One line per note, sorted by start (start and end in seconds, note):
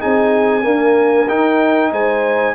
0.00 0.66 C4
0.00 0.63 D#4
0.00 0.64 G#4
0.00 1.29 G#5
0.63 1.27 A#3
0.63 1.29 D4
0.63 1.91 A#4
1.29 1.92 D#4
1.29 2.55 D#4
1.29 1.92 G5
1.92 2.55 G#3
1.92 2.55 C5
1.92 2.55 G#5